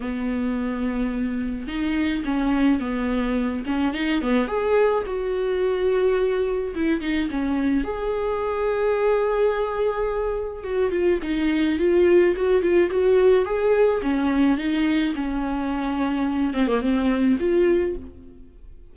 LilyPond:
\new Staff \with { instrumentName = "viola" } { \time 4/4 \tempo 4 = 107 b2. dis'4 | cis'4 b4. cis'8 dis'8 b8 | gis'4 fis'2. | e'8 dis'8 cis'4 gis'2~ |
gis'2. fis'8 f'8 | dis'4 f'4 fis'8 f'8 fis'4 | gis'4 cis'4 dis'4 cis'4~ | cis'4. c'16 ais16 c'4 f'4 | }